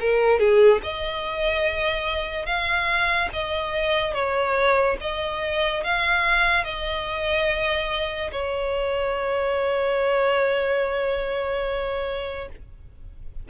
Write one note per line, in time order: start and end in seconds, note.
0.00 0.40 A#4
0.40 0.81 G#4
0.83 2.46 D#5
2.46 3.29 F5
3.33 4.14 D#5
4.14 4.97 C#5
5.00 5.84 D#5
5.84 6.64 F5
6.64 8.31 D#5
8.32 12.48 C#5